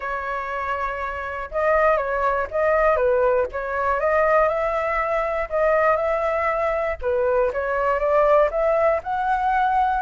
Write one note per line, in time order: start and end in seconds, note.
0.00 1.50 C#5
1.51 1.97 D#5
1.97 2.47 C#5
2.50 2.96 D#5
2.96 3.46 B4
3.52 4.00 C#5
4.00 4.48 D#5
4.48 5.48 E5
5.49 5.96 D#5
5.96 6.96 E5
7.01 7.51 B4
7.52 7.99 C#5
7.99 8.49 D5
8.50 9.00 E5
9.03 10.02 F#5